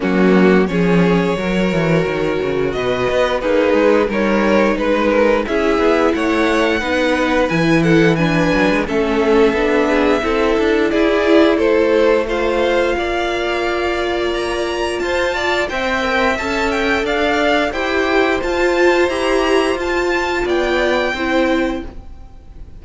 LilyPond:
<<
  \new Staff \with { instrumentName = "violin" } { \time 4/4 \tempo 4 = 88 fis'4 cis''2. | dis''4 b'4 cis''4 b'4 | e''4 fis''2 gis''8 fis''8 | gis''4 e''2. |
d''4 c''4 f''2~ | f''4 ais''4 a''4 g''4 | a''8 g''8 f''4 g''4 a''4 | ais''4 a''4 g''2 | }
  \new Staff \with { instrumentName = "violin" } { \time 4/4 cis'4 gis'4 ais'2 | b'4 dis'4 ais'4 b'8 ais'8 | gis'4 cis''4 b'4. a'8 | b'4 a'4. gis'8 a'4 |
gis'4 a'4 c''4 d''4~ | d''2 c''8 d''8 e''4~ | e''4 d''4 c''2~ | c''2 d''4 c''4 | }
  \new Staff \with { instrumentName = "viola" } { \time 4/4 ais4 cis'4 fis'2~ | fis'4 gis'4 dis'2 | e'2 dis'4 e'4 | d'4 cis'4 d'4 e'4~ |
e'2 f'2~ | f'2. c''8 ais'8 | a'2 g'4 f'4 | g'4 f'2 e'4 | }
  \new Staff \with { instrumentName = "cello" } { \time 4/4 fis4 f4 fis8 e8 dis8 cis8 | b,8 b8 ais8 gis8 g4 gis4 | cis'8 b8 a4 b4 e4~ | e8 fis16 gis16 a4 b4 c'8 d'8 |
e'4 a2 ais4~ | ais2 f'4 c'4 | cis'4 d'4 e'4 f'4 | e'4 f'4 b4 c'4 | }
>>